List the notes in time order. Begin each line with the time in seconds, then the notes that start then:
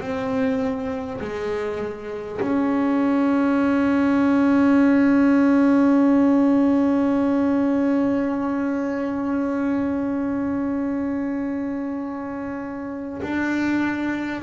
0.00 C4
1.21 G#3
2.41 C#4
13.22 D4